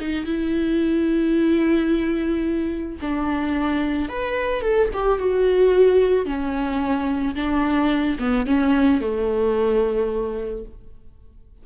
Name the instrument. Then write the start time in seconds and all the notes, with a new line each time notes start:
viola
0.00 D#4
0.25 E4
3.01 D4
4.09 B4
4.61 A4
4.93 G4
5.19 F#4
6.26 C#4
7.35 D4
8.19 B3
8.46 C#4
9.00 A3